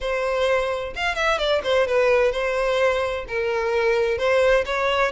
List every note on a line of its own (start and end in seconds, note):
0.00 0.93 C5
0.95 1.15 F5
1.15 1.38 E5
1.38 1.61 D5
1.63 1.87 C5
1.87 2.32 B4
2.32 3.25 C5
3.28 4.17 A#4
4.17 4.64 C5
4.65 5.11 C#5